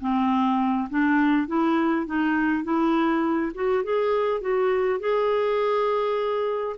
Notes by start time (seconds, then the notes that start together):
0.00 C4
0.90 D4
1.47 E4
2.06 D#4
2.64 E4
3.54 F#4
3.83 G#4
4.41 F#4
4.99 G#4